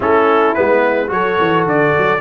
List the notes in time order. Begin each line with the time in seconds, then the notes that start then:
0.00 A3 C#4 E4 A4
0.54 G#3 B3 B4
1.07 F#3 F#4 A4 C#5
1.39 E3
1.65 D3 D5
1.98 F#3